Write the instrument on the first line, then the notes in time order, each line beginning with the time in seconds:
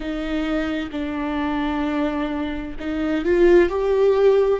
viola
0.00 D#4
0.91 D4
2.79 D#4
3.24 F4
3.69 G4